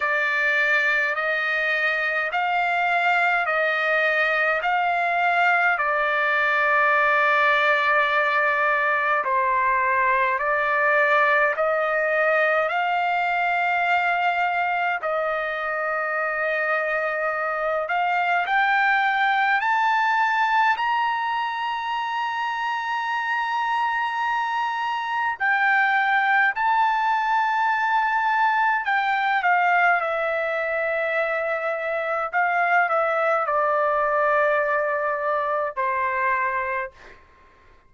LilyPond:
\new Staff \with { instrumentName = "trumpet" } { \time 4/4 \tempo 4 = 52 d''4 dis''4 f''4 dis''4 | f''4 d''2. | c''4 d''4 dis''4 f''4~ | f''4 dis''2~ dis''8 f''8 |
g''4 a''4 ais''2~ | ais''2 g''4 a''4~ | a''4 g''8 f''8 e''2 | f''8 e''8 d''2 c''4 | }